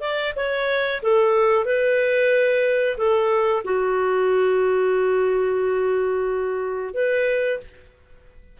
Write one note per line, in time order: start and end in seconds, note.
0.00 0.33 D5
0.35 1.01 C#5
1.02 1.65 A4
1.65 2.97 B4
2.97 3.63 A4
3.64 6.93 F#4
6.93 7.59 B4